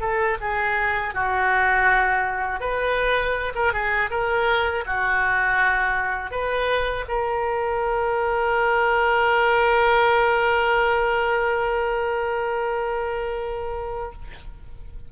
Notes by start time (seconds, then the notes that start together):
0.00 A4
0.40 G#4
1.14 F#4
2.60 B4
3.55 A#4
3.72 G#4
4.10 A#4
4.86 F#4
6.31 B4
7.08 A#4